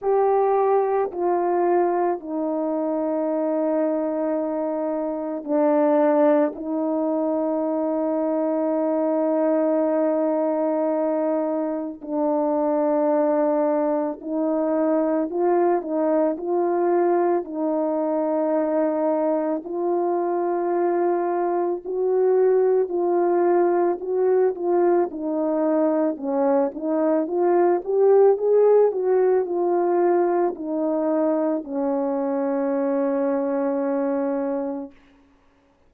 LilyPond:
\new Staff \with { instrumentName = "horn" } { \time 4/4 \tempo 4 = 55 g'4 f'4 dis'2~ | dis'4 d'4 dis'2~ | dis'2. d'4~ | d'4 dis'4 f'8 dis'8 f'4 |
dis'2 f'2 | fis'4 f'4 fis'8 f'8 dis'4 | cis'8 dis'8 f'8 g'8 gis'8 fis'8 f'4 | dis'4 cis'2. | }